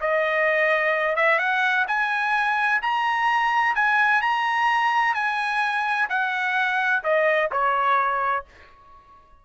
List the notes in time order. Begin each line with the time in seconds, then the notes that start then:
0.00 D#5
1.16 E5
1.39 F#5
1.87 G#5
2.82 A#5
3.75 G#5
4.21 A#5
5.14 G#5
6.09 F#5
7.03 D#5
7.51 C#5